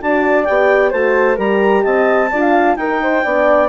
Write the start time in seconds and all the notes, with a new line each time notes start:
0.00 D4 F#4 D5 A5
0.44 B3 G4 G5
0.90 A3 F#4 C5 A5
1.35 G3 G4 A#4 A#5
1.83 C4 D#5 A5
2.31 D4 F4 D5
2.41 F5
2.76 D#4 A#4 G5
3.02 C5
3.24 B3 D4 D5